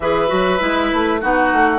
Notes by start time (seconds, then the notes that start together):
0.00 E3 G#4 B4 E5
0.28 F#3 F#4
0.59 G#3 E4
0.92 A3
1.20 B3 D#4 F#4 F#5
1.52 A3